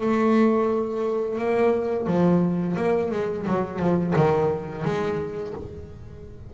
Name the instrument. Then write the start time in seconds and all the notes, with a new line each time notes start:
double bass
0.00 A3
1.38 A#3
2.07 F3
2.76 A#3
3.11 G#3
3.46 F#3
3.79 F3
4.16 D#3
4.84 G#3